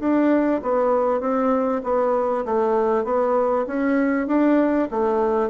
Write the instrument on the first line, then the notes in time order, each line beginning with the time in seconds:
bassoon
0.00 D4
0.63 B3
1.21 C4
1.84 B3
2.45 A3
3.04 B3
3.67 C#4
4.27 D4
4.91 A3